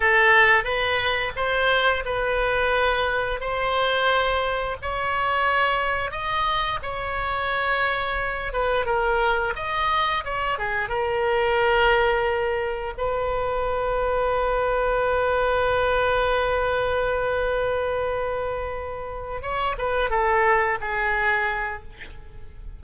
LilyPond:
\new Staff \with { instrumentName = "oboe" } { \time 4/4 \tempo 4 = 88 a'4 b'4 c''4 b'4~ | b'4 c''2 cis''4~ | cis''4 dis''4 cis''2~ | cis''8 b'8 ais'4 dis''4 cis''8 gis'8 |
ais'2. b'4~ | b'1~ | b'1~ | b'8 cis''8 b'8 a'4 gis'4. | }